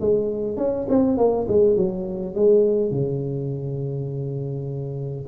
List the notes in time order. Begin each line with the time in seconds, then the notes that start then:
0.00 G#3
0.57 C#4
0.89 C4
1.17 A#3
1.48 G#3
1.76 F#3
2.35 G#3
2.91 C#3